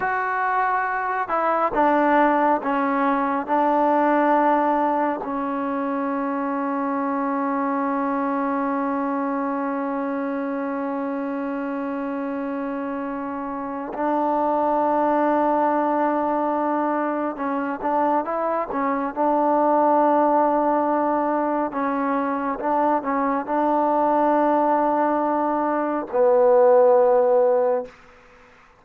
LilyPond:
\new Staff \with { instrumentName = "trombone" } { \time 4/4 \tempo 4 = 69 fis'4. e'8 d'4 cis'4 | d'2 cis'2~ | cis'1~ | cis'1 |
d'1 | cis'8 d'8 e'8 cis'8 d'2~ | d'4 cis'4 d'8 cis'8 d'4~ | d'2 b2 | }